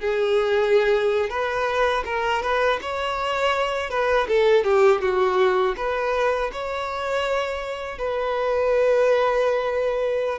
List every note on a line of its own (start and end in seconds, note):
0.00 1.30 G#4
1.30 2.04 B4
2.05 2.42 A#4
2.43 2.80 B4
2.81 3.90 C#5
3.90 4.27 B4
4.28 4.64 A4
4.64 5.01 G4
5.01 5.75 F#4
5.77 6.51 B4
6.53 7.99 C#5
7.99 10.39 B4